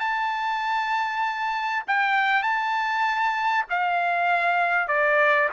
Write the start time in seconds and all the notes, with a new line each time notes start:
0.00 A5
1.88 G5
2.43 A5
3.70 F5
4.88 D5